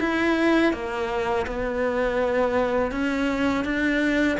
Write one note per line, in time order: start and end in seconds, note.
0.00 0.73 E4
0.74 1.47 A#3
1.47 2.92 B3
2.92 3.65 C#4
3.65 4.38 D4